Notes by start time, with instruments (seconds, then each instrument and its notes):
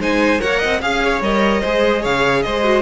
0.00 cello G#3, viola D#4, violin C5 G#5
0.40 cello A#3, viola A#4, violin C#5 F#5
0.60 cello C4, violin D#5
0.81 cello C#4, viola G#4, violin F5
1.04 violin C#5
1.22 cello G3, viola A#4, violin D#5
1.62 cello G#3, viola G#4, violin C5
2.02 cello C#3, violin C#5 F5
2.43 cello G#3, violin C5 D#5
2.64 viola F#4